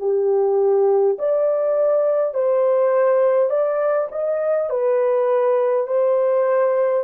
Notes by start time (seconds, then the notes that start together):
0.00 G4
1.19 D5
2.34 C5
3.50 D5
4.12 D#5
4.70 B4
5.87 C5